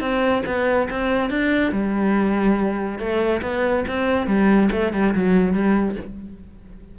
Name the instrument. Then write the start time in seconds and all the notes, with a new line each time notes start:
cello
0.00 C4
0.46 B3
0.90 C4
1.30 D4
1.72 G3
2.99 A3
3.42 B3
3.87 C4
4.26 G3
4.72 A3
4.93 G3
5.15 F#3
5.53 G3